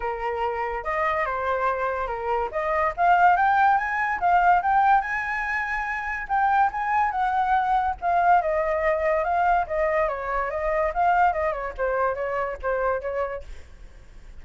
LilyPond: \new Staff \with { instrumentName = "flute" } { \time 4/4 \tempo 4 = 143 ais'2 dis''4 c''4~ | c''4 ais'4 dis''4 f''4 | g''4 gis''4 f''4 g''4 | gis''2. g''4 |
gis''4 fis''2 f''4 | dis''2 f''4 dis''4 | cis''4 dis''4 f''4 dis''8 cis''8 | c''4 cis''4 c''4 cis''4 | }